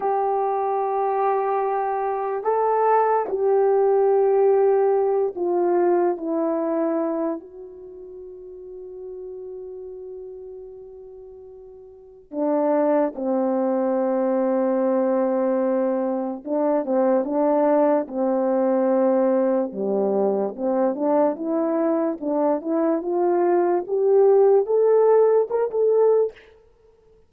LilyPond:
\new Staff \with { instrumentName = "horn" } { \time 4/4 \tempo 4 = 73 g'2. a'4 | g'2~ g'8 f'4 e'8~ | e'4 fis'2.~ | fis'2. d'4 |
c'1 | d'8 c'8 d'4 c'2 | g4 c'8 d'8 e'4 d'8 e'8 | f'4 g'4 a'4 ais'16 a'8. | }